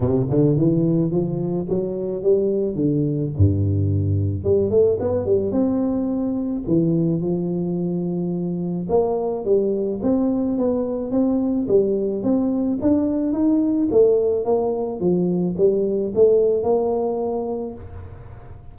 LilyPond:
\new Staff \with { instrumentName = "tuba" } { \time 4/4 \tempo 4 = 108 c8 d8 e4 f4 fis4 | g4 d4 g,2 | g8 a8 b8 g8 c'2 | e4 f2. |
ais4 g4 c'4 b4 | c'4 g4 c'4 d'4 | dis'4 a4 ais4 f4 | g4 a4 ais2 | }